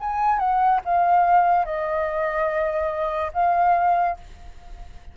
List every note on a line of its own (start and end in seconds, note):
0.00 0.38 G#5
0.38 0.80 F#5
0.84 1.65 F5
1.65 3.31 D#5
3.33 4.17 F5